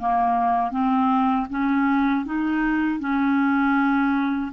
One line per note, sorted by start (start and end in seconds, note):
0.00 0.71 A#3
0.71 1.47 C4
1.50 2.25 C#4
2.25 3.00 D#4
3.00 4.52 C#4